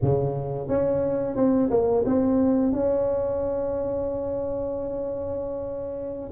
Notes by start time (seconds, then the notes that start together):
0.02 C#3
0.68 C#4
1.35 C4
1.70 A#3
2.05 C4
2.72 C#4